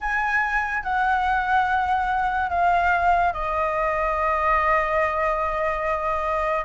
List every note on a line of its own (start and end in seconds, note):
0.00 0.83 G#5
0.83 2.49 F#5
2.49 3.33 F5
3.33 6.64 D#5